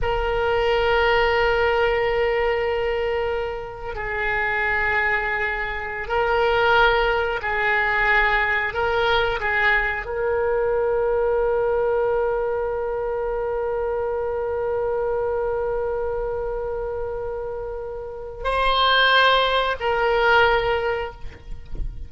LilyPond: \new Staff \with { instrumentName = "oboe" } { \time 4/4 \tempo 4 = 91 ais'1~ | ais'2 gis'2~ | gis'4~ gis'16 ais'2 gis'8.~ | gis'4~ gis'16 ais'4 gis'4 ais'8.~ |
ais'1~ | ais'1~ | ais'1 | c''2 ais'2 | }